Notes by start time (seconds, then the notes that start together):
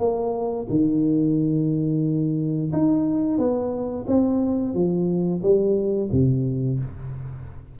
0.00 A#3
0.70 D#3
2.73 D#4
3.39 B3
4.08 C4
4.75 F3
5.43 G3
6.13 C3